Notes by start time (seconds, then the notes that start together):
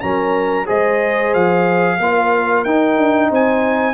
0.00 F#3 C#4 A#4 A#5
0.65 G#3 G#4 C5 D#5
1.34 F3 F5
1.99 A#3 F4 A#4
2.64 D#4 G5
2.97 D4
3.29 C4 C5 G#5